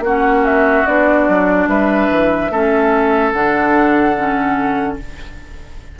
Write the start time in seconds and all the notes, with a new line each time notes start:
0.00 A#3 C#4 F#4
0.06 F#5
0.46 E5
0.86 B3 D4 D5
1.28 F#3
1.67 G3 B4 E5
2.11 E3
2.50 A3 C#4 A4
3.32 D3 D4 F#5
4.17 C#4